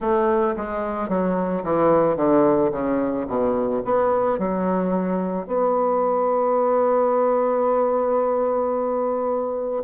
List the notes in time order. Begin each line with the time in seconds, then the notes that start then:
0.00 A3
0.56 G#3
1.09 F#3
1.63 E3
2.16 D3
2.71 C#3
3.27 B2
3.84 B3
4.38 F#3
5.46 B3